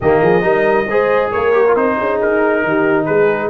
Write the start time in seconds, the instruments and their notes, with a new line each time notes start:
0.00 tuba D#3, trombone A#3, horn G4, trumpet D#5
0.22 tuba F3, horn G#4
0.41 tuba G3, trombone D#4, horn A#4
0.87 tuba G#3, trombone G#4, horn C5
1.31 tuba A#3, horn A#4, trumpet C#5
1.53 trombone G4
1.67 trombone F4
1.75 tuba C4, trombone D#4, trumpet C5
1.98 tuba C#4, horn G#4
2.22 tuba D#4, trumpet A#4
2.64 tuba D#3, horn G4
3.05 tuba G#3, horn G#4, trumpet B4